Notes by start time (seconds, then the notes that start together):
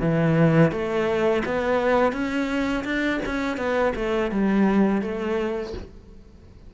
0.00 E3
0.71 A3
1.45 B3
2.12 C#4
2.84 D4
3.25 C#4
3.57 B3
3.95 A3
4.31 G3
5.01 A3